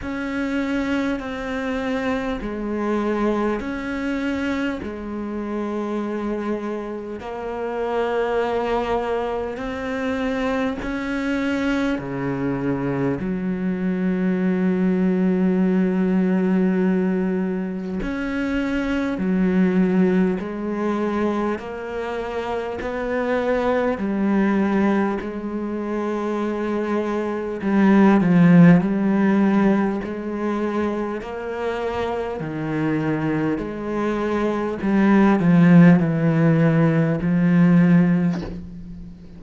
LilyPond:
\new Staff \with { instrumentName = "cello" } { \time 4/4 \tempo 4 = 50 cis'4 c'4 gis4 cis'4 | gis2 ais2 | c'4 cis'4 cis4 fis4~ | fis2. cis'4 |
fis4 gis4 ais4 b4 | g4 gis2 g8 f8 | g4 gis4 ais4 dis4 | gis4 g8 f8 e4 f4 | }